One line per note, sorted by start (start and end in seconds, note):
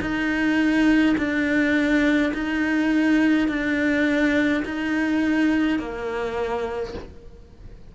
0.00 1.15 D#4
1.17 2.32 D4
2.33 3.48 D#4
3.48 4.63 D4
4.65 5.78 D#4
5.78 6.94 A#3